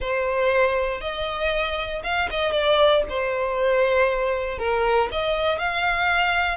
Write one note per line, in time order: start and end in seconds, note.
0.00 1.00 C5
1.00 2.02 D#5
2.03 2.29 F5
2.30 2.52 D#5
2.52 3.03 D5
3.09 4.58 C5
4.58 5.09 A#4
5.11 5.58 D#5
5.58 6.57 F5